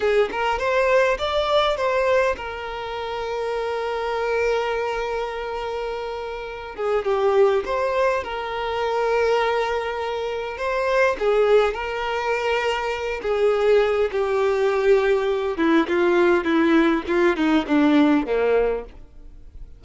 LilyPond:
\new Staff \with { instrumentName = "violin" } { \time 4/4 \tempo 4 = 102 gis'8 ais'8 c''4 d''4 c''4 | ais'1~ | ais'2.~ ais'8 gis'8 | g'4 c''4 ais'2~ |
ais'2 c''4 gis'4 | ais'2~ ais'8 gis'4. | g'2~ g'8 e'8 f'4 | e'4 f'8 dis'8 d'4 ais4 | }